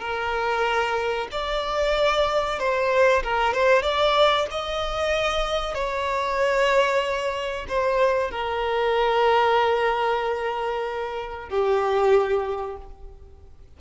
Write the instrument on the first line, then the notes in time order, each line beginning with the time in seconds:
violin
0.00 A#4
1.32 D5
2.59 C5
3.23 A#4
3.53 C5
3.82 D5
4.51 D#5
5.74 C#5
7.69 C5
8.31 A#4
11.49 G4